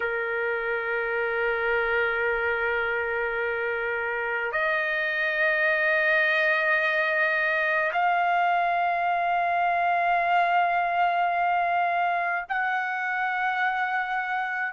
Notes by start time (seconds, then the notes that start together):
0.00 A#4
4.52 D#5
7.92 F5
12.48 F#5